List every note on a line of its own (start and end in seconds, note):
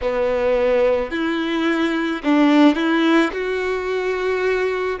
0.01 1.11 B3
1.11 2.22 E4
2.23 2.75 D4
2.75 3.30 E4
3.32 4.99 F#4